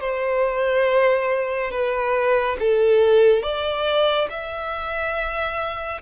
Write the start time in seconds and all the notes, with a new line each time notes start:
0.00 C5
1.71 B4
2.59 A4
3.42 D5
4.30 E5